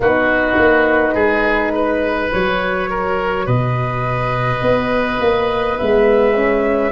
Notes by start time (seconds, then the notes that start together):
0.00 B3 D#4 F#4 B4
0.58 A#3
1.14 G#3 G#4
1.75 B4
2.32 F#3 F#4 C#5
2.90 A#4
3.45 B2 B4 D#5
4.61 B3
5.20 A#3
5.76 G#3 B3 E5
6.34 C#4